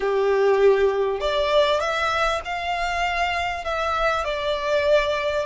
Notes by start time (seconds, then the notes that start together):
0.00 G4
1.20 D5
1.80 E5
2.45 F5
3.64 E5
4.24 D5